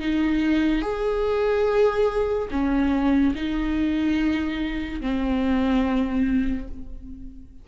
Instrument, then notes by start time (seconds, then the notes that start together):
viola
0.00 D#4
0.82 G#4
2.51 C#4
3.35 D#4
5.02 C4